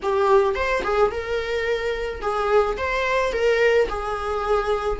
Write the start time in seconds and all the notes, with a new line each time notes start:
0.02 G4
0.54 C5
0.83 G#4
1.11 A#4
2.21 G#4
2.77 C5
3.32 A#4
3.88 G#4